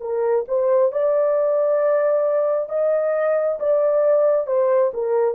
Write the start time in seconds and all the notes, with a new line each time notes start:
0.00 A#4
0.48 C5
0.92 D5
2.69 D#5
3.59 D5
4.47 C5
4.93 A#4